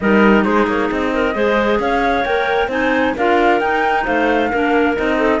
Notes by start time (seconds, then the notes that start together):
0.00 G3 D#4 A#4 D#5
0.44 G#3 G#4 C5
0.67 A#3 C#5
0.91 C4 D#5
1.13 A#4
1.34 G#3 G#4 C5
1.79 C#4 C#5 F5
2.24 A#3 A#4 G5
2.67 C4 D#4 C5 G#5
3.16 D4 F4 A#4 F5
3.59 D#4 G5
4.04 A3 C5 F5
4.50 A#3 D4 A#4
4.96 C4 D#4 D#5
5.17 A4